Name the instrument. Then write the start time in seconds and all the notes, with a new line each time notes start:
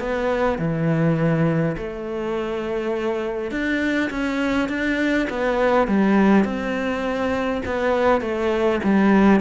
cello
0.00 B3
0.59 E3
1.78 A3
3.52 D4
4.11 C#4
4.69 D4
5.30 B3
5.88 G3
6.45 C4
7.66 B3
8.21 A3
8.84 G3